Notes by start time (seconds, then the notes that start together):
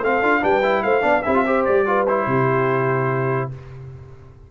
0.00 A3 C4 A4 F5
0.22 D4 F4
0.41 G3 D4 B4 G5
0.62 E4
0.82 A3 C5 F5
1.01 B3 D4 D5
1.22 C4 E4 G4 E5
1.35 F4
1.45 G4 C5
1.64 G3 D5
1.86 F4 B4
2.07 E4 C5
2.26 C3 G4